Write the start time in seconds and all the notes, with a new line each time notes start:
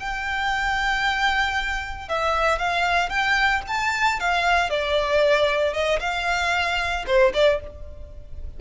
0.00 G5
2.09 E5
2.59 F5
3.10 G5
3.68 A5
4.20 F5
4.70 D5
5.73 D#5
6.00 F5
7.07 C5
7.34 D5